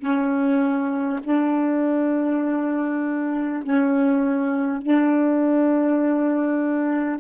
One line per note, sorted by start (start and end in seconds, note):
0.00 1.20 C#4
1.24 3.63 D4
3.63 4.83 C#4
4.83 7.21 D4